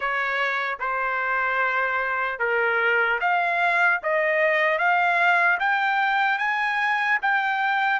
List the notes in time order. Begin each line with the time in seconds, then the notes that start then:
0.00 C#5
0.79 C5
2.39 A#4
3.20 F5
4.02 D#5
4.78 F5
5.59 G5
6.38 G#5
7.22 G5